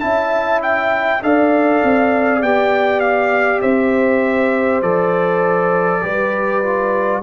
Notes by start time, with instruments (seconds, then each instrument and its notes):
0.00 tuba C#4, trombone E4, horn E5, trumpet A5
0.62 trumpet G5
1.22 tuba D4, trombone A4, horn D5, trumpet F5
1.83 tuba C4
2.41 tuba B3, trombone G4, trumpet G5
3.00 trumpet F5
3.61 tuba C4, horn C5, trumpet E5
4.82 tuba F3, trombone A4, trumpet D5
6.02 tuba G3, trombone G4, horn B4
6.62 trombone F4